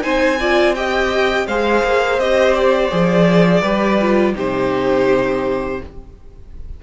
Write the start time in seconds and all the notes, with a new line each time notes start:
0.00 C4 D#4 C5 G#5
0.39 F4 D5
0.74 G4 D#5 G5
1.47 G#3 G#4 C5 F5
1.83 A#3
2.18 C4 G4 D#5
2.54 D5
2.91 F3 G#4
3.61 G3 G4 B4
4.01 F4
4.35 C3 D#4 G4 C5